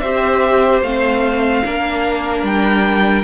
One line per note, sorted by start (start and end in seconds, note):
0.00 0.82 C4
0.00 0.84 G4
0.00 1.64 C5
0.00 0.81 E5
0.82 1.63 A3
0.82 1.65 C4
0.82 2.45 F5
1.65 2.43 A#3
1.65 3.24 D4
1.65 3.24 A#4
2.43 3.24 G3
2.43 3.24 G5